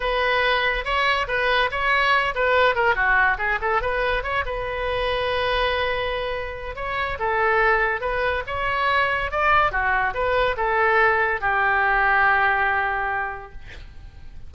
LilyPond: \new Staff \with { instrumentName = "oboe" } { \time 4/4 \tempo 4 = 142 b'2 cis''4 b'4 | cis''4. b'4 ais'8 fis'4 | gis'8 a'8 b'4 cis''8 b'4.~ | b'1 |
cis''4 a'2 b'4 | cis''2 d''4 fis'4 | b'4 a'2 g'4~ | g'1 | }